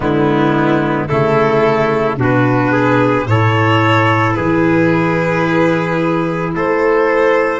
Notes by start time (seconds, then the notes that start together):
0.00 D3 G#3 B3 E4
1.07 C#3 A3 E4 A4
2.17 B2 D4 F#4
2.23 B4
2.72 G#4
3.27 A2 E4 A4 C#5
4.32 E3 G#4 B4
6.54 A3 A4 C5